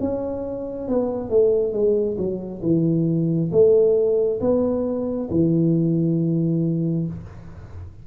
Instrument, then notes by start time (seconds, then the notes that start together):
tuba
0.00 C#4
0.88 B3
1.30 A3
1.72 G#3
2.17 F#3
2.62 E3
3.52 A3
4.40 B3
5.30 E3